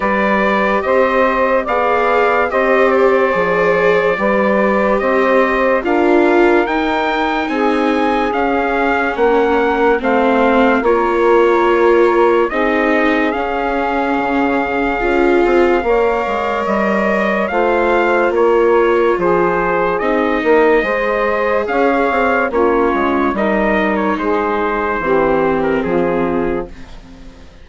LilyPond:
<<
  \new Staff \with { instrumentName = "trumpet" } { \time 4/4 \tempo 4 = 72 d''4 dis''4 f''4 dis''8 d''8~ | d''2 dis''4 f''4 | g''4 gis''4 f''4 fis''4 | f''4 cis''2 dis''4 |
f''1 | dis''4 f''4 cis''4 c''4 | dis''2 f''4 cis''4 | dis''8. cis''16 c''4.~ c''16 ais'16 gis'4 | }
  \new Staff \with { instrumentName = "saxophone" } { \time 4/4 b'4 c''4 d''4 c''4~ | c''4 b'4 c''4 ais'4~ | ais'4 gis'2 ais'4 | c''4 ais'2 gis'4~ |
gis'2. cis''4~ | cis''4 c''4 ais'4 gis'4~ | gis'8 ais'8 c''4 cis''4 f'4 | ais'4 gis'4 g'4 f'4 | }
  \new Staff \with { instrumentName = "viola" } { \time 4/4 g'2 gis'4 g'4 | gis'4 g'2 f'4 | dis'2 cis'2 | c'4 f'2 dis'4 |
cis'2 f'4 ais'4~ | ais'4 f'2. | dis'4 gis'2 cis'4 | dis'2 c'2 | }
  \new Staff \with { instrumentName = "bassoon" } { \time 4/4 g4 c'4 b4 c'4 | f4 g4 c'4 d'4 | dis'4 c'4 cis'4 ais4 | a4 ais2 c'4 |
cis'4 cis4 cis'8 c'8 ais8 gis8 | g4 a4 ais4 f4 | c'8 ais8 gis4 cis'8 c'8 ais8 gis8 | g4 gis4 e4 f4 | }
>>